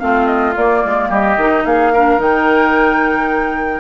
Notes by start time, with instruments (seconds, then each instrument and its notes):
0.00 bassoon A3, clarinet C4, oboe F4, flute F5
0.27 flute D#5
0.57 clarinet A#3, bassoon A#3, flute D5
0.85 bassoon G#3
1.09 bassoon G3, oboe G4, flute D#5
1.37 bassoon D#3, clarinet D#4
1.65 bassoon A#3, oboe G#4, flute F5
1.93 clarinet D4, oboe A#4
2.18 bassoon D#3, clarinet D#4, flute G5